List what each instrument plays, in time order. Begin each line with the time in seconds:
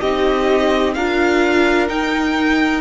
0.00 cello C4, viola D#4, violin G4 D#5
0.94 cello D4, viola F4, violin A#4 F5
1.88 viola D#4, cello D#4, violin G5